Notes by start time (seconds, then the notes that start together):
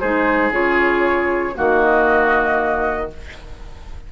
0.00 G#3 D#4 G#4 C5
0.51 C#3 F4 C#5
1.54 D#3 A#3 F#4
1.82 D#5